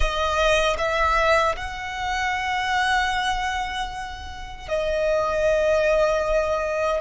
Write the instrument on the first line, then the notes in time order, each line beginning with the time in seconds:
violin
0.00 D#5
0.78 E5
1.56 F#5
4.68 D#5